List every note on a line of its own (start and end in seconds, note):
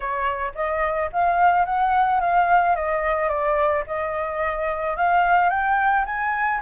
0.00 0.52 C#5
0.55 1.10 D#5
1.12 1.65 F5
1.65 2.20 F#5
2.20 2.75 F5
2.75 3.28 D#5
3.28 3.83 D5
3.86 4.96 D#5
4.96 5.49 F5
5.49 6.04 G5
6.05 6.60 G#5